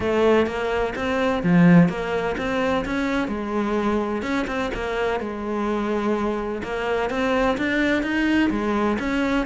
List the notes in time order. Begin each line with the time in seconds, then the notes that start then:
0.00 A3
0.46 A#3
0.95 C4
1.43 F3
1.88 A#3
2.37 C4
2.85 C#4
3.27 G#3
4.22 C#4
4.47 C4
4.74 A#3
5.20 G#3
6.63 A#3
7.10 C4
7.57 D4
8.02 D#4
8.50 G#3
8.99 C#4